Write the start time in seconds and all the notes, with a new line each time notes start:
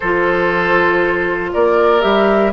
0.00 F3 F4 A4 C5
1.53 A#3 A#4 D5
2.01 G3 G4 E5